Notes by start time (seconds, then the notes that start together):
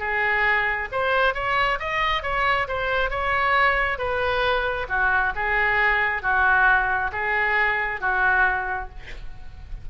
0.00 G#4
0.92 C5
1.35 C#5
1.80 D#5
2.23 C#5
2.68 C5
3.11 C#5
3.99 B4
4.89 F#4
5.36 G#4
6.23 F#4
7.13 G#4
8.01 F#4